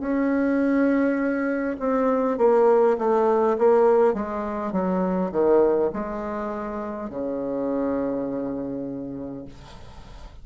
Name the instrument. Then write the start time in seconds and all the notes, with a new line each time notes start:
bassoon
0.00 C#4
1.79 C4
2.38 A#3
2.98 A3
3.58 A#3
4.14 G#3
4.72 F#3
5.32 D#3
5.93 G#3
7.10 C#3